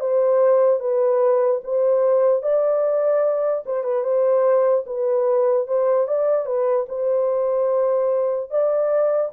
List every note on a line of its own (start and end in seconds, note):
0.00 0.80 C5
0.80 1.61 B4
1.64 2.42 C5
2.42 3.64 D5
3.65 3.83 C5
3.83 4.03 B4
4.03 4.84 C5
4.86 5.67 B4
5.67 6.07 C5
6.07 6.45 D5
6.45 6.86 B4
6.88 8.50 C5
8.50 9.31 D5